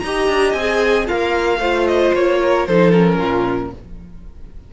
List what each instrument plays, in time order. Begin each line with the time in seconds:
0.00 cello D#4, violin D#5 A#5
0.06 viola G4
0.28 cello D4
0.53 cello C4, violin G#5
0.59 viola G#4
1.07 cello A#3, violin F4 F5, viola A#4
1.58 cello A3, viola F4, violin C5
1.87 violin D#5
2.14 cello A#3, violin C#5
2.43 violin A#4
2.67 cello F3, viola D#4, violin A4 C5
2.92 viola C#4, violin A#4
3.19 cello A#2, violin F4